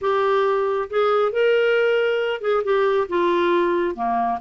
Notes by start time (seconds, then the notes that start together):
0.01 G4
0.90 G#4
1.31 A#4
2.41 G#4
2.64 G4
3.08 F4
3.95 A#3